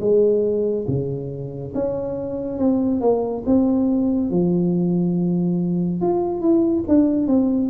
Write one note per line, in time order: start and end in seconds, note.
0.00 0.86 G#3
0.87 1.73 C#3
1.75 2.59 C#4
2.59 3.01 C4
3.01 3.44 A#3
3.46 4.30 C4
4.30 6.02 F3
6.02 6.41 F4
6.41 6.84 E4
6.88 7.27 D4
7.27 7.69 C4